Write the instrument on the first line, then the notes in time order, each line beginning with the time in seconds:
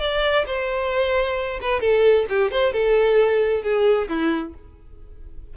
violin
0.00 D5
0.46 C5
1.61 B4
1.81 A4
2.29 G4
2.51 C5
2.73 A4
3.63 G#4
4.08 E4